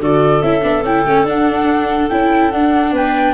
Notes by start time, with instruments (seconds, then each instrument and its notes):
0.00 tuba D3, viola F#4, clarinet A4, flute D5
0.42 tuba C#4, viola E4, flute E5
0.61 tuba B3, viola D4
0.83 tuba C#4, viola E4, flute G5
1.05 tuba A3, viola C#4
1.24 tuba D4, viola D4, flute F#5
2.10 tuba C#4, viola E4, flute G5
2.52 tuba D4, viola D4, flute F#5
2.93 tuba B3, clarinet B4, flute G5